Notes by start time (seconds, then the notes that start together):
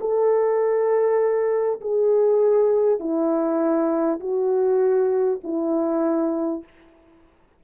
0.00 A4
1.81 G#4
2.99 E4
4.19 F#4
5.43 E4